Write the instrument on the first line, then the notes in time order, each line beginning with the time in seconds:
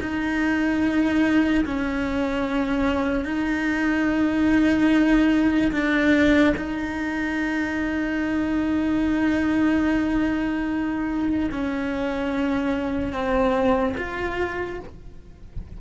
cello
0.00 D#4
1.65 C#4
3.25 D#4
5.72 D4
6.56 D#4
11.51 C#4
13.12 C4
13.97 F4